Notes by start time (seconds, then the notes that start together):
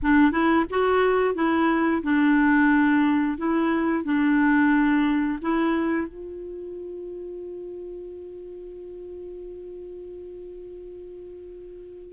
0.02 D4
0.31 E4
0.70 F#4
1.35 E4
2.03 D4
3.37 E4
4.04 D4
5.41 E4
6.07 F4